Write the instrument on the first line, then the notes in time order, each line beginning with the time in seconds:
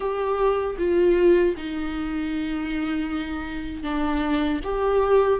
viola
0.00 G4
0.78 F4
1.56 D#4
3.83 D4
4.64 G4